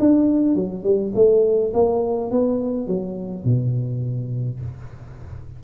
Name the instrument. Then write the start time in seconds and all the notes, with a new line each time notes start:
tuba
0.00 D4
0.55 F#3
0.84 G3
1.15 A3
1.74 A#3
2.31 B3
2.87 F#3
3.45 B2